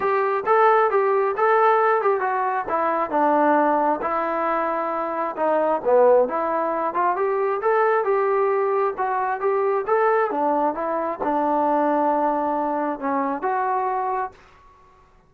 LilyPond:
\new Staff \with { instrumentName = "trombone" } { \time 4/4 \tempo 4 = 134 g'4 a'4 g'4 a'4~ | a'8 g'8 fis'4 e'4 d'4~ | d'4 e'2. | dis'4 b4 e'4. f'8 |
g'4 a'4 g'2 | fis'4 g'4 a'4 d'4 | e'4 d'2.~ | d'4 cis'4 fis'2 | }